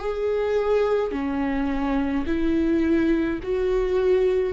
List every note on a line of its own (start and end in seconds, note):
0.00 1.12 G#4
1.12 2.25 C#4
2.27 3.40 E4
3.43 4.53 F#4